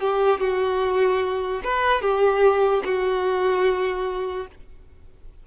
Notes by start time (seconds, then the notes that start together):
0.00 G4
0.40 F#4
1.64 B4
2.02 G4
2.85 F#4